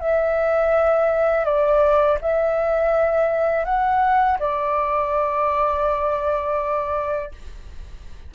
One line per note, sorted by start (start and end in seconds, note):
0.00 1.45 E5
1.45 2.18 D5
2.21 3.65 E5
3.65 4.38 F#5
4.39 7.32 D5